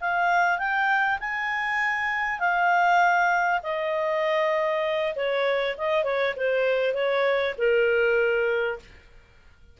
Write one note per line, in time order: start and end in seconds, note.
0.00 0.58 F5
0.58 1.18 G5
1.20 2.39 G#5
2.39 3.61 F5
3.62 5.14 D#5
5.15 5.76 C#5
5.77 6.04 D#5
6.04 6.34 C#5
6.36 6.94 C5
6.94 7.54 C#5
7.58 8.79 A#4